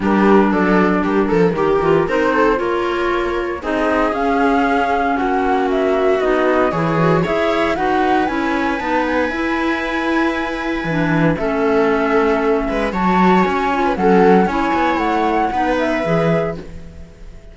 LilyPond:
<<
  \new Staff \with { instrumentName = "flute" } { \time 4/4 \tempo 4 = 116 ais'4 d''4 ais'2 | c''4 cis''2 dis''4 | f''2 fis''4 e''4 | dis''4 cis''4 e''4 fis''4 |
gis''4 a''8 gis''2~ gis''8~ | gis''2 e''2~ | e''4 a''4 gis''4 fis''4 | gis''4 fis''4. e''4. | }
  \new Staff \with { instrumentName = "viola" } { \time 4/4 g'4 a'4 g'8 a'8 g'4 | ais'8 a'8 ais'2 gis'4~ | gis'2 fis'2~ | fis'4 gis'4 cis''4 b'4~ |
b'1~ | b'2 a'2~ | a'8 b'8 cis''4.~ cis''16 b'16 a'4 | cis''2 b'2 | }
  \new Staff \with { instrumentName = "clarinet" } { \time 4/4 d'2. g'8 f'8 | dis'4 f'2 dis'4 | cis'1 | dis'4 e'8 fis'8 gis'4 fis'4 |
e'4 dis'4 e'2~ | e'4 d'4 cis'2~ | cis'4 fis'4. f'8 cis'4 | e'2 dis'4 gis'4 | }
  \new Staff \with { instrumentName = "cello" } { \time 4/4 g4 fis4 g8 f8 dis8 e8 | c'4 ais2 c'4 | cis'2 ais2 | b4 e4 e'4 dis'4 |
cis'4 b4 e'2~ | e'4 e4 a2~ | a8 gis8 fis4 cis'4 fis4 | cis'8 b8 a4 b4 e4 | }
>>